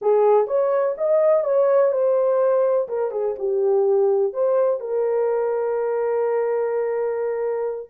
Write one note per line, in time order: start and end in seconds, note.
0.01 0.47 G#4
0.47 0.95 C#5
0.97 1.44 D#5
1.44 1.92 C#5
1.92 2.88 C5
2.88 3.11 A#4
3.11 3.35 G#4
3.39 4.33 G4
4.33 4.80 C5
4.80 7.90 A#4